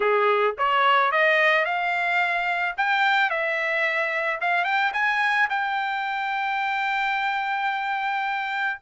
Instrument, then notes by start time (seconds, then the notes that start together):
trumpet
0.00 G#4
0.58 C#5
1.11 D#5
1.65 F5
2.77 G5
3.30 E5
4.40 F5
4.64 G5
4.93 G#5
5.49 G5